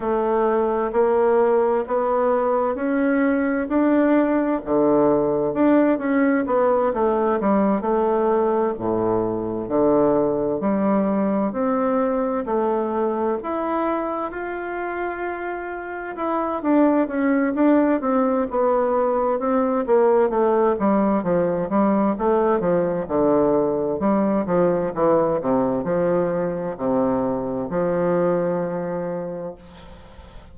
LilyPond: \new Staff \with { instrumentName = "bassoon" } { \time 4/4 \tempo 4 = 65 a4 ais4 b4 cis'4 | d'4 d4 d'8 cis'8 b8 a8 | g8 a4 a,4 d4 g8~ | g8 c'4 a4 e'4 f'8~ |
f'4. e'8 d'8 cis'8 d'8 c'8 | b4 c'8 ais8 a8 g8 f8 g8 | a8 f8 d4 g8 f8 e8 c8 | f4 c4 f2 | }